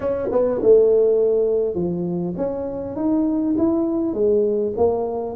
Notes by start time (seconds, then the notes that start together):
0.00 C#4
0.31 B3
0.62 A3
1.74 F3
2.37 C#4
2.96 D#4
3.57 E4
4.13 G#3
4.77 A#3